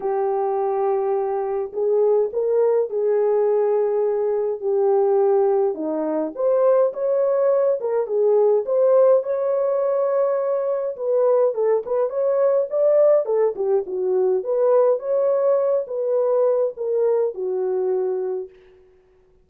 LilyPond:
\new Staff \with { instrumentName = "horn" } { \time 4/4 \tempo 4 = 104 g'2. gis'4 | ais'4 gis'2. | g'2 dis'4 c''4 | cis''4. ais'8 gis'4 c''4 |
cis''2. b'4 | a'8 b'8 cis''4 d''4 a'8 g'8 | fis'4 b'4 cis''4. b'8~ | b'4 ais'4 fis'2 | }